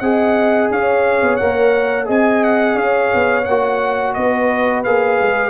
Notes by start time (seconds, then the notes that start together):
0.00 C4 G#4 D#5 F#5
0.71 C#4 C#5 F5
1.22 B3
1.36 A#3 A#4 F#5
2.05 C4 G#4 D#5 G#5
2.44 F#5
2.75 C#4 C#5 F5
3.15 B3
3.45 A#3 F#4 F#5
4.14 B3 B4 D#5
4.84 A#3 G#4 F5
5.21 G#3